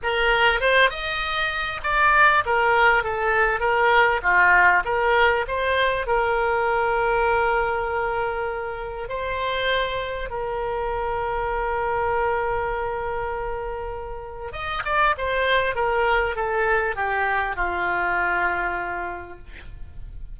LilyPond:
\new Staff \with { instrumentName = "oboe" } { \time 4/4 \tempo 4 = 99 ais'4 c''8 dis''4. d''4 | ais'4 a'4 ais'4 f'4 | ais'4 c''4 ais'2~ | ais'2. c''4~ |
c''4 ais'2.~ | ais'1 | dis''8 d''8 c''4 ais'4 a'4 | g'4 f'2. | }